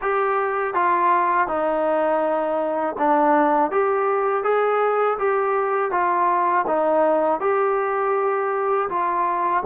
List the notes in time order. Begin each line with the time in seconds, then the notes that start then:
0.01 G4
0.74 F4
1.47 D#4
2.98 D4
3.71 G4
4.43 G#4
5.18 G4
5.91 F4
6.67 D#4
7.40 G4
8.89 F4